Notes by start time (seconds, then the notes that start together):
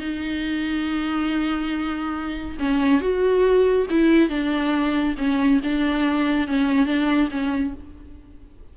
0.00 D#4
2.59 C#4
3.01 F#4
3.90 E4
4.29 D4
5.18 C#4
5.64 D4
6.48 C#4
6.86 D4
7.31 C#4